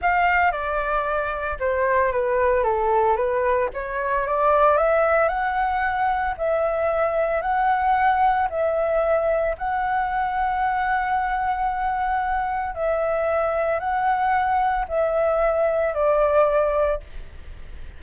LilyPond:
\new Staff \with { instrumentName = "flute" } { \time 4/4 \tempo 4 = 113 f''4 d''2 c''4 | b'4 a'4 b'4 cis''4 | d''4 e''4 fis''2 | e''2 fis''2 |
e''2 fis''2~ | fis''1 | e''2 fis''2 | e''2 d''2 | }